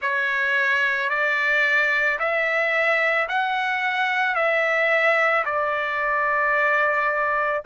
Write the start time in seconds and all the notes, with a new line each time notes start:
0.01 C#5
1.09 D5
2.19 E5
3.28 F#5
4.35 E5
5.45 D5